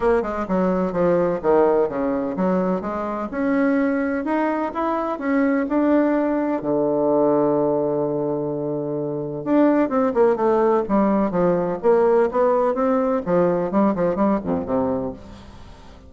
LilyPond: \new Staff \with { instrumentName = "bassoon" } { \time 4/4 \tempo 4 = 127 ais8 gis8 fis4 f4 dis4 | cis4 fis4 gis4 cis'4~ | cis'4 dis'4 e'4 cis'4 | d'2 d2~ |
d1 | d'4 c'8 ais8 a4 g4 | f4 ais4 b4 c'4 | f4 g8 f8 g8 f,8 c4 | }